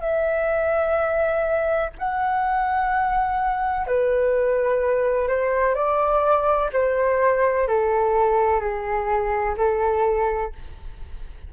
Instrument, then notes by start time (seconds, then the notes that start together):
flute
0.00 E5
1.98 F#5
3.87 B4
5.28 C5
5.75 D5
6.73 C5
7.68 A4
8.61 G#4
9.57 A4